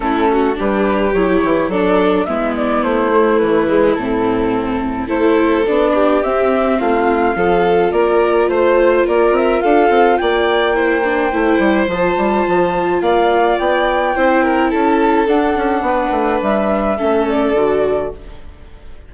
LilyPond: <<
  \new Staff \with { instrumentName = "flute" } { \time 4/4 \tempo 4 = 106 a'4 b'4 cis''4 d''4 | e''8 d''8 c''4 b'4 a'4~ | a'4 c''4 d''4 e''4 | f''2 d''4 c''4 |
d''8 e''8 f''4 g''2~ | g''4 a''2 f''4 | g''2 a''4 fis''4~ | fis''4 e''4. d''4. | }
  \new Staff \with { instrumentName = "violin" } { \time 4/4 e'8 fis'8 g'2 a'4 | e'1~ | e'4 a'4. g'4. | f'4 a'4 ais'4 c''4 |
ais'4 a'4 d''4 c''4~ | c''2. d''4~ | d''4 c''8 ais'8 a'2 | b'2 a'2 | }
  \new Staff \with { instrumentName = "viola" } { \time 4/4 cis'4 d'4 e'4 d'4 | b4. a4 gis8 c'4~ | c'4 e'4 d'4 c'4~ | c'4 f'2.~ |
f'2. e'8 d'8 | e'4 f'2.~ | f'4 e'2 d'4~ | d'2 cis'4 fis'4 | }
  \new Staff \with { instrumentName = "bassoon" } { \time 4/4 a4 g4 fis8 e8 fis4 | gis4 a4 e4 a,4~ | a,4 a4 b4 c'4 | a4 f4 ais4 a4 |
ais8 c'8 d'8 c'8 ais2 | a8 g8 f8 g8 f4 ais4 | b4 c'4 cis'4 d'8 cis'8 | b8 a8 g4 a4 d4 | }
>>